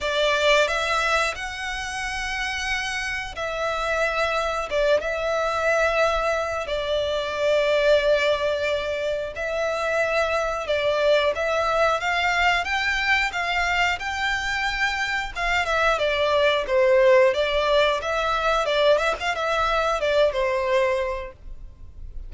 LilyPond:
\new Staff \with { instrumentName = "violin" } { \time 4/4 \tempo 4 = 90 d''4 e''4 fis''2~ | fis''4 e''2 d''8 e''8~ | e''2 d''2~ | d''2 e''2 |
d''4 e''4 f''4 g''4 | f''4 g''2 f''8 e''8 | d''4 c''4 d''4 e''4 | d''8 e''16 f''16 e''4 d''8 c''4. | }